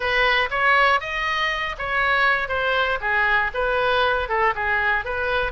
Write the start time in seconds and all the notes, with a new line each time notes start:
0.00 B4
0.50 C#5
1.00 D#5
1.78 C#5
2.48 C5
3.00 G#4
3.53 B4
4.29 A4
4.55 G#4
5.04 B4